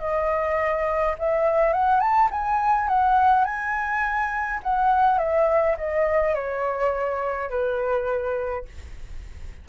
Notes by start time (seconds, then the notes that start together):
0.00 D#5
1.19 E5
1.74 F#5
2.01 A5
2.31 G#5
2.89 F#5
3.45 G#5
4.63 F#5
5.19 E5
5.78 D#5
6.35 C#5
7.50 B4